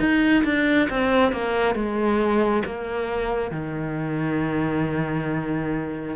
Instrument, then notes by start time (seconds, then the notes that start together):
cello
0.00 D#4
0.45 D4
0.90 C4
1.32 A#3
1.75 G#3
2.66 A#3
3.51 D#3